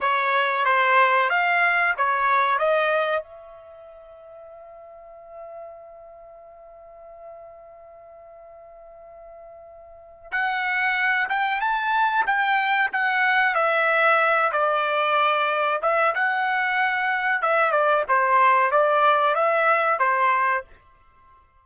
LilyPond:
\new Staff \with { instrumentName = "trumpet" } { \time 4/4 \tempo 4 = 93 cis''4 c''4 f''4 cis''4 | dis''4 e''2.~ | e''1~ | e''1 |
fis''4. g''8 a''4 g''4 | fis''4 e''4. d''4.~ | d''8 e''8 fis''2 e''8 d''8 | c''4 d''4 e''4 c''4 | }